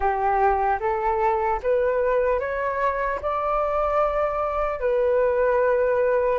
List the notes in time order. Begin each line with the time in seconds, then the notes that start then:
0.00 G4
0.80 A4
1.63 B4
2.39 C#5
3.21 D5
4.80 B4